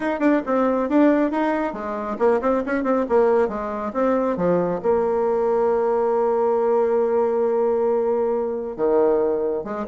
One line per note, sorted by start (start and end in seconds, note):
0.00 0.19 D#4
0.19 0.41 D4
0.46 0.89 C4
0.89 1.31 D4
1.31 1.73 D#4
1.73 2.17 G#3
2.19 2.40 A#3
2.41 2.63 C4
2.66 2.83 C#4
2.83 3.05 C4
3.08 3.48 A#3
3.48 3.92 G#3
3.93 4.36 C4
4.36 4.80 F3
4.82 8.76 A#3
8.76 9.63 D#3
9.63 9.85 G#3